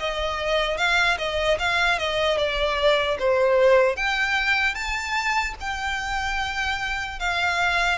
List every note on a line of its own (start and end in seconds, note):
0.00 0.78 D#5
0.78 1.18 F5
1.18 1.58 D#5
1.59 1.99 F5
1.99 2.38 D#5
2.38 3.18 D5
3.19 3.97 C5
3.97 4.75 G5
4.75 5.55 A5
5.60 7.20 G5
7.20 7.99 F5